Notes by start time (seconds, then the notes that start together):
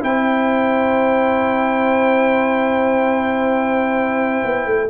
0.00 C4 E4 C5 G5
4.44 B3
4.66 A3